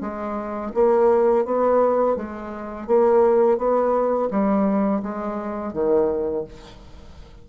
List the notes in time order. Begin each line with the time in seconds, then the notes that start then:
0.00 G#3
0.74 A#3
1.45 B3
2.16 G#3
2.87 A#3
3.57 B3
4.30 G3
5.02 G#3
5.73 D#3